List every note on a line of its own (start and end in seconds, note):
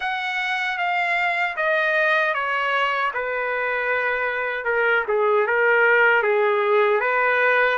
0.00 0.78 F#5
0.78 1.55 F5
1.56 2.33 D#5
2.33 3.11 C#5
3.13 4.64 B4
4.64 5.03 A#4
5.08 5.46 G#4
5.46 6.22 A#4
6.22 7.00 G#4
7.00 7.77 B4